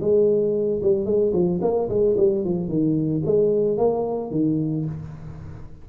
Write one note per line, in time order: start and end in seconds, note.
0.00 0.81 G#3
0.82 1.05 G3
1.05 1.32 G#3
1.33 1.60 F3
1.62 1.89 A#3
1.89 2.16 G#3
2.17 2.44 G3
2.44 2.68 F3
2.68 3.22 D#3
3.26 3.77 G#3
3.77 4.31 A#3
4.31 4.85 D#3